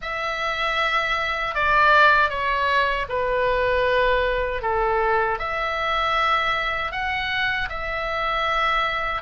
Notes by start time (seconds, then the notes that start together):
0.01 E5
1.54 D5
2.29 C#5
3.08 B4
4.62 A4
5.38 E5
6.91 F#5
7.69 E5